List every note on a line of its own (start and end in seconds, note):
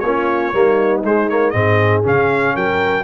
0.00 0.53 A#3
0.00 0.55 F4
0.00 1.01 C#5
0.07 0.53 C#4
0.53 1.03 G3
0.53 1.03 A#3
0.53 1.55 D#4
1.03 1.54 G#3
1.03 1.29 G#3
1.03 1.29 C5
1.29 1.53 A#3
1.29 1.50 C#5
1.50 2.04 G#2
1.50 2.03 C4
1.50 2.54 G#4
1.50 2.01 D#5
2.03 2.56 C#3
2.03 3.04 C#4
2.03 2.56 F5
2.54 3.04 F#3
2.54 3.04 A#4
2.54 3.04 G5